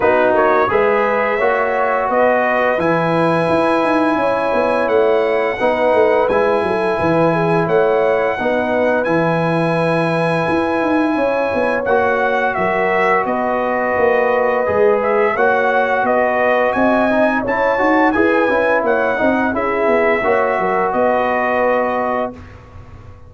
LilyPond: <<
  \new Staff \with { instrumentName = "trumpet" } { \time 4/4 \tempo 4 = 86 b'8 cis''8 e''2 dis''4 | gis''2. fis''4~ | fis''4 gis''2 fis''4~ | fis''4 gis''2.~ |
gis''4 fis''4 e''4 dis''4~ | dis''4. e''8 fis''4 dis''4 | gis''4 a''4 gis''4 fis''4 | e''2 dis''2 | }
  \new Staff \with { instrumentName = "horn" } { \time 4/4 fis'4 b'4 cis''4 b'4~ | b'2 cis''2 | b'4. a'8 b'8 gis'8 cis''4 | b'1 |
cis''2 ais'4 b'4~ | b'2 cis''4 b'4 | dis''4 cis''4 b'4 cis''8 dis''8 | gis'4 cis''8 ais'8 b'2 | }
  \new Staff \with { instrumentName = "trombone" } { \time 4/4 dis'4 gis'4 fis'2 | e'1 | dis'4 e'2. | dis'4 e'2.~ |
e'4 fis'2.~ | fis'4 gis'4 fis'2~ | fis'8 dis'8 e'8 fis'8 gis'8 e'4 dis'8 | e'4 fis'2. | }
  \new Staff \with { instrumentName = "tuba" } { \time 4/4 b8 ais8 gis4 ais4 b4 | e4 e'8 dis'8 cis'8 b8 a4 | b8 a8 gis8 fis8 e4 a4 | b4 e2 e'8 dis'8 |
cis'8 b8 ais4 fis4 b4 | ais4 gis4 ais4 b4 | c'4 cis'8 dis'8 e'8 cis'8 ais8 c'8 | cis'8 b8 ais8 fis8 b2 | }
>>